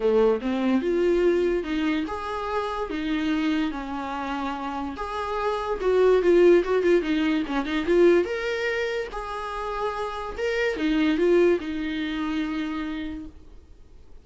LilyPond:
\new Staff \with { instrumentName = "viola" } { \time 4/4 \tempo 4 = 145 a4 c'4 f'2 | dis'4 gis'2 dis'4~ | dis'4 cis'2. | gis'2 fis'4 f'4 |
fis'8 f'8 dis'4 cis'8 dis'8 f'4 | ais'2 gis'2~ | gis'4 ais'4 dis'4 f'4 | dis'1 | }